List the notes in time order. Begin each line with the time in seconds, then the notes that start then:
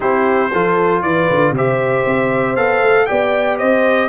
0.00 C4 E4 G4 C5
0.52 F3 F4 A4
1.01 E3 B4 D5
1.30 D3
1.51 C3 G4 C5
1.57 E5
2.05 C4
2.56 B3 A4 F5
2.81 A3
3.06 B3 G4 D5 G5
3.58 C4 C5 D#5